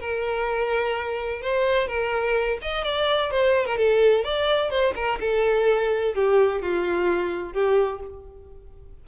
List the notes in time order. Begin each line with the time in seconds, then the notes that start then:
0.00 A#4
1.42 C5
1.87 A#4
2.61 D#5
2.83 D5
3.31 C5
3.66 A#4
3.77 A4
4.24 D5
4.70 C5
4.95 A#4
5.20 A4
6.14 G4
6.61 F4
7.53 G4